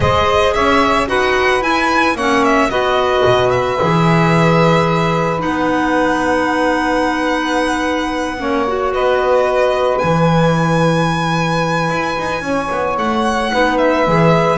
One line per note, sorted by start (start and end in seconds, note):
0.00 0.54 G#3
0.00 1.07 G#4
0.00 0.54 C5
0.00 0.53 D#5
0.53 1.08 C#4
0.53 1.08 C#5
0.53 1.07 E5
1.07 1.61 D#4
1.07 1.61 F#4
1.07 2.15 B4
1.07 1.62 F#5
1.61 2.14 E4
1.61 2.15 E4
1.61 2.16 G#5
2.14 2.68 A#3
2.14 2.70 C#4
2.14 2.69 C#5
2.14 2.44 F#5
2.44 2.70 E5
2.69 3.23 B3
2.69 3.78 F#4
2.69 8.37 B4
2.69 3.50 D#5
3.25 3.79 B2
3.50 5.40 E5
3.80 5.44 E3
3.80 5.39 G#4
5.39 8.39 B3
5.39 8.36 D#4
5.39 8.93 F#5
8.38 8.93 A#3
8.38 8.65 C#4
8.38 8.92 C#5
8.67 10.02 F#4
8.92 10.01 B3
8.92 12.44 B4
8.92 9.98 D#5
9.98 11.89 E3
9.98 13.52 E4
9.98 12.95 G#5
11.89 12.16 E4
12.18 12.41 D#4
12.41 12.68 C#4
12.41 13.51 C#5
12.70 12.97 B3
12.97 13.51 A3
12.97 13.77 F#5
13.51 14.07 B3
13.51 14.06 D#4
13.51 14.58 B4
13.77 14.58 E5
14.07 14.58 E3
14.07 14.58 G#4